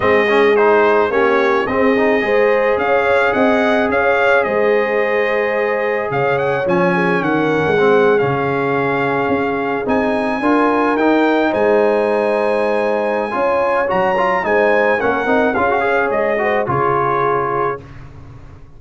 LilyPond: <<
  \new Staff \with { instrumentName = "trumpet" } { \time 4/4 \tempo 4 = 108 dis''4 c''4 cis''4 dis''4~ | dis''4 f''4 fis''4 f''4 | dis''2. f''8 fis''8 | gis''4 fis''4.~ fis''16 f''4~ f''16~ |
f''4.~ f''16 gis''2 g''16~ | g''8. gis''2.~ gis''16~ | gis''4 ais''4 gis''4 fis''4 | f''4 dis''4 cis''2 | }
  \new Staff \with { instrumentName = "horn" } { \time 4/4 gis'2 g'4 gis'4 | c''4 cis''4 dis''4 cis''4 | c''2. cis''4~ | cis''8 gis'8 ais'4 gis'2~ |
gis'2~ gis'8. ais'4~ ais'16~ | ais'8. c''2.~ c''16 | cis''2 c''4 ais'4 | gis'8 cis''4 c''8 gis'2 | }
  \new Staff \with { instrumentName = "trombone" } { \time 4/4 c'8 cis'8 dis'4 cis'4 c'8 dis'8 | gis'1~ | gis'1 | cis'2 c'8. cis'4~ cis'16~ |
cis'4.~ cis'16 dis'4 f'4 dis'16~ | dis'1 | f'4 fis'8 f'8 dis'4 cis'8 dis'8 | f'16 fis'16 gis'4 fis'8 f'2 | }
  \new Staff \with { instrumentName = "tuba" } { \time 4/4 gis2 ais4 c'4 | gis4 cis'4 c'4 cis'4 | gis2. cis4 | f4 dis8. gis4 cis4~ cis16~ |
cis8. cis'4 c'4 d'4 dis'16~ | dis'8. gis2.~ gis16 | cis'4 fis4 gis4 ais8 c'8 | cis'4 gis4 cis2 | }
>>